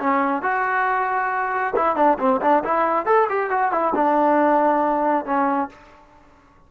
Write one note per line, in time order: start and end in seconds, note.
0.00 0.42 C#4
0.42 1.74 F#4
1.76 1.96 E4
1.96 2.18 D4
2.19 2.40 C4
2.41 2.63 D4
2.64 3.06 E4
3.06 3.28 A4
3.30 3.50 G4
3.50 3.72 F#4
3.72 3.94 E4
3.95 5.25 D4
5.25 5.69 C#4